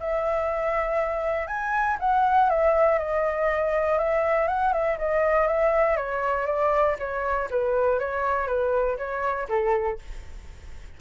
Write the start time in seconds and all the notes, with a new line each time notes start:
0.00 E5
1.47 G#5
1.99 F#5
2.49 E5
2.98 D#5
3.98 E5
4.47 F#5
4.72 E5
4.98 D#5
5.47 E5
5.96 C#5
6.46 D5
6.98 C#5
7.50 B4
7.99 C#5
8.47 B4
8.97 C#5
9.49 A4